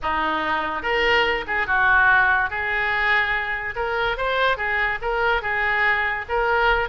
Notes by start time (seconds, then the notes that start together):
0.02 D#4
0.82 A#4
1.47 G#4
1.66 F#4
2.49 G#4
3.75 A#4
4.17 C5
4.57 G#4
5.01 A#4
5.41 G#4
6.28 A#4